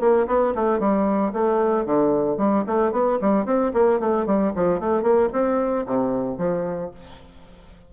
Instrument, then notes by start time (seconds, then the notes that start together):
bassoon
0.00 A#3
0.27 B3
0.55 A3
0.80 G3
1.33 A3
1.85 D3
2.37 G3
2.67 A3
2.92 B3
3.21 G3
3.45 C4
3.73 A#3
4.00 A3
4.26 G3
4.55 F3
4.80 A3
5.02 A#3
5.32 C4
5.86 C3
6.38 F3